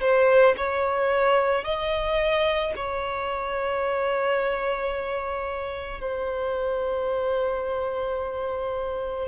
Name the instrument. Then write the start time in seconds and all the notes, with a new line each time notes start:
violin
0.00 C5
0.57 C#5
1.64 D#5
2.76 C#5
6.00 C5